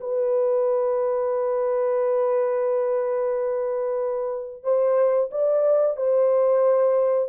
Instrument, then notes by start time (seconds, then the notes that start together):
horn
0.00 B4
4.63 C5
5.31 D5
5.96 C5